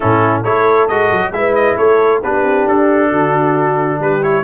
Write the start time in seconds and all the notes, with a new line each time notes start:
0.00 A2 C#4 E4 A4
0.41 A3 E4 A4 C#5
0.87 G#3 F#4 D#5
1.11 F#3
1.31 G#3 E4 B4 E5
1.54 D#5
1.77 A3 A4 C#5
2.23 B3 D4 G4 B4
2.43 C4
2.68 D4 A4
3.09 D3 F#4
3.99 G3 G4 B4
4.22 E4 C#5